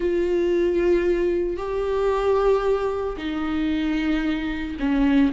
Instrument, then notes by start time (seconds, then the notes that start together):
viola
0.00 F4
1.57 G4
3.17 D#4
4.79 C#4